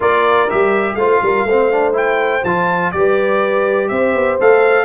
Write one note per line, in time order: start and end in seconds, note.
0.00 0.49 A#3
0.00 0.48 F4
0.00 0.95 A#4
0.00 0.50 D5
0.49 0.95 G3
0.49 0.98 G4
0.49 0.95 E5
0.95 1.19 A3
0.95 1.47 F4
0.95 1.23 C5
0.95 1.92 F5
1.22 1.44 G3
1.22 1.48 A#4
1.44 2.41 A3
1.44 2.94 C5
1.50 1.71 C4
1.71 1.92 D4
1.92 2.41 E4
1.92 2.44 G5
2.44 2.92 F3
2.44 2.94 F4
2.44 2.91 A5
2.91 3.90 G3
2.91 4.40 G4
2.91 3.90 B4
2.91 3.88 D5
3.88 4.14 C4
3.88 4.85 C5
3.88 4.37 E5
4.14 4.38 B3
4.40 4.85 A3
4.40 4.85 A4
4.40 4.85 F5